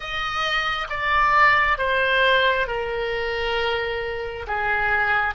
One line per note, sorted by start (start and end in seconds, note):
0.00 0.87 D#5
0.90 1.77 D5
1.77 2.67 C5
2.67 4.46 A#4
4.47 5.34 G#4